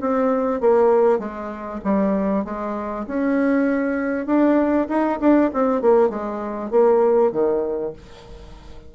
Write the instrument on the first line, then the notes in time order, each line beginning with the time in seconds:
bassoon
0.00 C4
0.60 A#3
1.19 G#3
1.84 G3
2.44 G#3
3.07 C#4
4.26 D4
4.88 D#4
5.20 D4
5.53 C4
5.81 A#3
6.09 G#3
6.70 A#3
7.31 D#3